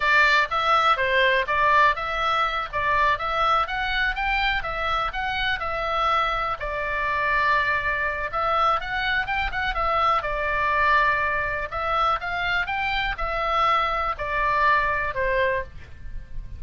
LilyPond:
\new Staff \with { instrumentName = "oboe" } { \time 4/4 \tempo 4 = 123 d''4 e''4 c''4 d''4 | e''4. d''4 e''4 fis''8~ | fis''8 g''4 e''4 fis''4 e''8~ | e''4. d''2~ d''8~ |
d''4 e''4 fis''4 g''8 fis''8 | e''4 d''2. | e''4 f''4 g''4 e''4~ | e''4 d''2 c''4 | }